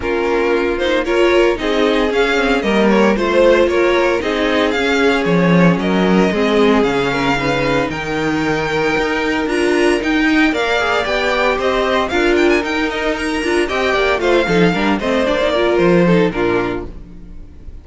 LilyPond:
<<
  \new Staff \with { instrumentName = "violin" } { \time 4/4 \tempo 4 = 114 ais'4. c''8 cis''4 dis''4 | f''4 dis''8 cis''8 c''4 cis''4 | dis''4 f''4 cis''4 dis''4~ | dis''4 f''2 g''4~ |
g''2 ais''4 g''4 | f''4 g''4 dis''4 f''8 g''16 gis''16 | g''8 dis''8 ais''4 g''4 f''4~ | f''8 dis''8 d''4 c''4 ais'4 | }
  \new Staff \with { instrumentName = "violin" } { \time 4/4 f'2 ais'4 gis'4~ | gis'4 ais'4 c''4 ais'4 | gis'2. ais'4 | gis'4. ais'8 b'4 ais'4~ |
ais'2.~ ais'8 dis''8 | d''2 c''4 ais'4~ | ais'2 dis''8 d''8 c''8 a'8 | ais'8 c''4 ais'4 a'8 f'4 | }
  \new Staff \with { instrumentName = "viola" } { \time 4/4 cis'4. dis'8 f'4 dis'4 | cis'8 c'8 ais4 f'2 | dis'4 cis'2. | c'4 cis'4 dis'2~ |
dis'2 f'4 dis'4 | ais'8 gis'8 g'2 f'4 | dis'4. f'8 g'4 f'8 dis'8 | d'8 c'8 d'16 dis'16 f'4 dis'8 d'4 | }
  \new Staff \with { instrumentName = "cello" } { \time 4/4 ais2. c'4 | cis'4 g4 a4 ais4 | c'4 cis'4 f4 fis4 | gis4 cis2 dis4~ |
dis4 dis'4 d'4 dis'4 | ais4 b4 c'4 d'4 | dis'4. d'8 c'8 ais8 a8 f8 | g8 a8 ais4 f4 ais,4 | }
>>